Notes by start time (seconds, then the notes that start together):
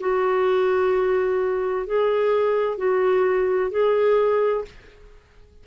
0.00 F#4
1.86 G#4
2.77 F#4
3.71 G#4